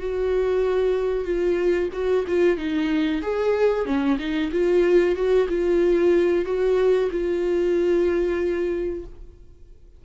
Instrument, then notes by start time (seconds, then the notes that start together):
viola
0.00 F#4
1.25 F4
1.93 F#4
2.28 F4
2.57 D#4
3.23 G#4
3.86 C#4
4.19 D#4
4.52 F4
5.16 F#4
5.49 F4
6.45 F#4
7.11 F4